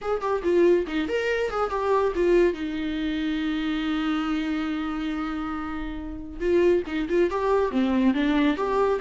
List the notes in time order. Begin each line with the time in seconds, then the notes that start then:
0.01 G#4
0.21 G4
0.43 F4
0.87 D#4
1.08 A#4
1.50 G#4
1.69 G4
2.15 F4
2.53 D#4
6.40 F4
6.86 D#4
7.09 F4
7.30 G4
7.71 C4
8.14 D4
8.56 G4